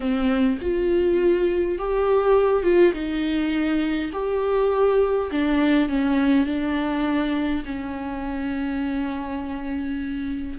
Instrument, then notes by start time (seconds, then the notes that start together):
viola
0.00 C4
0.61 F4
1.78 G4
2.63 F4
2.93 D#4
4.12 G4
5.31 D4
5.88 C#4
6.46 D4
7.65 C#4